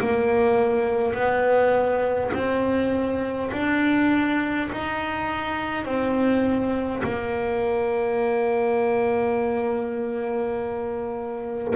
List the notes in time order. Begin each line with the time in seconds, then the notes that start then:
0.00 A#3
1.14 B3
2.34 C4
3.53 D4
4.72 D#4
5.85 C4
7.04 A#3